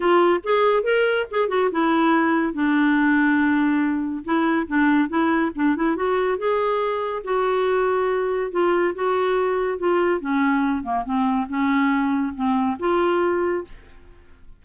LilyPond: \new Staff \with { instrumentName = "clarinet" } { \time 4/4 \tempo 4 = 141 f'4 gis'4 ais'4 gis'8 fis'8 | e'2 d'2~ | d'2 e'4 d'4 | e'4 d'8 e'8 fis'4 gis'4~ |
gis'4 fis'2. | f'4 fis'2 f'4 | cis'4. ais8 c'4 cis'4~ | cis'4 c'4 f'2 | }